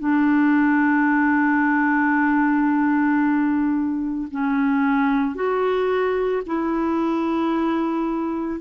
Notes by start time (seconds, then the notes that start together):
0.00 D4
4.31 C#4
5.36 F#4
6.47 E4